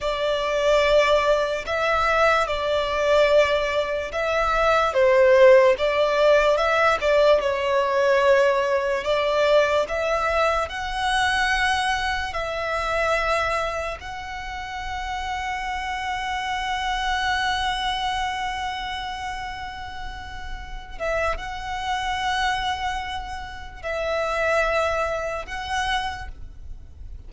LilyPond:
\new Staff \with { instrumentName = "violin" } { \time 4/4 \tempo 4 = 73 d''2 e''4 d''4~ | d''4 e''4 c''4 d''4 | e''8 d''8 cis''2 d''4 | e''4 fis''2 e''4~ |
e''4 fis''2.~ | fis''1~ | fis''4. e''8 fis''2~ | fis''4 e''2 fis''4 | }